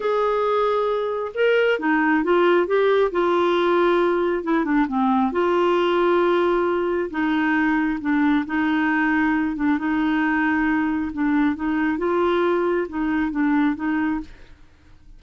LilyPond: \new Staff \with { instrumentName = "clarinet" } { \time 4/4 \tempo 4 = 135 gis'2. ais'4 | dis'4 f'4 g'4 f'4~ | f'2 e'8 d'8 c'4 | f'1 |
dis'2 d'4 dis'4~ | dis'4. d'8 dis'2~ | dis'4 d'4 dis'4 f'4~ | f'4 dis'4 d'4 dis'4 | }